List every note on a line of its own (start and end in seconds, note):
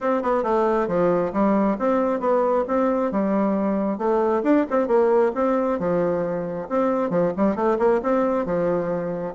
0.00 0.22 C4
0.22 0.43 B3
0.43 0.87 A3
0.87 1.32 F3
1.32 1.77 G3
1.78 2.20 C4
2.20 2.64 B3
2.67 3.11 C4
3.11 3.97 G3
3.97 4.42 A3
4.43 4.65 D4
4.70 4.87 C4
4.87 5.32 A#3
5.34 5.79 C4
5.79 6.68 F3
6.69 7.10 C4
7.10 7.32 F3
7.36 7.55 G3
7.55 7.77 A3
7.78 8.00 A#3
8.02 8.45 C4
8.45 9.34 F3